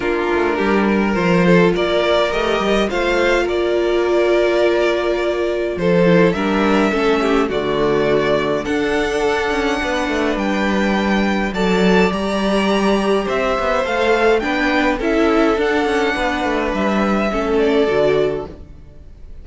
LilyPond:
<<
  \new Staff \with { instrumentName = "violin" } { \time 4/4 \tempo 4 = 104 ais'2 c''4 d''4 | dis''4 f''4 d''2~ | d''2 c''4 e''4~ | e''4 d''2 fis''4~ |
fis''2 g''2 | a''4 ais''2 e''4 | f''4 g''4 e''4 fis''4~ | fis''4 e''4. d''4. | }
  \new Staff \with { instrumentName = "violin" } { \time 4/4 f'4 g'8 ais'4 a'8 ais'4~ | ais'4 c''4 ais'2~ | ais'2 a'4 ais'4 | a'8 g'8 fis'2 a'4~ |
a'4 b'2. | d''2. c''4~ | c''4 b'4 a'2 | b'2 a'2 | }
  \new Staff \with { instrumentName = "viola" } { \time 4/4 d'2 f'2 | g'4 f'2.~ | f'2~ f'8 e'8 d'4 | cis'4 a2 d'4~ |
d'1 | a'4 g'2. | a'4 d'4 e'4 d'4~ | d'2 cis'4 fis'4 | }
  \new Staff \with { instrumentName = "cello" } { \time 4/4 ais8 a8 g4 f4 ais4 | a8 g8 a4 ais2~ | ais2 f4 g4 | a4 d2 d'4~ |
d'8 cis'8 b8 a8 g2 | fis4 g2 c'8 b8 | a4 b4 cis'4 d'8 cis'8 | b8 a8 g4 a4 d4 | }
>>